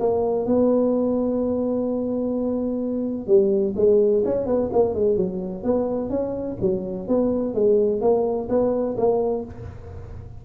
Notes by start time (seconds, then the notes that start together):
0.00 A#3
0.46 B3
3.27 G3
3.76 G#3
4.25 C#4
4.46 B3
4.73 A#3
4.95 G#3
5.17 F#3
5.63 B3
6.10 C#4
6.61 F#3
7.08 B3
7.54 G#3
8.01 A#3
8.49 B3
8.98 A#3